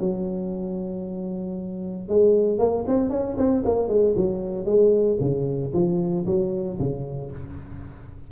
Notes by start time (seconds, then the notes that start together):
0.00 F#3
2.09 G#3
2.59 A#3
2.88 C4
3.10 C#4
3.38 C4
3.65 A#3
3.89 G#3
4.16 F#3
4.66 G#3
5.21 C#3
5.74 F3
6.27 F#3
6.80 C#3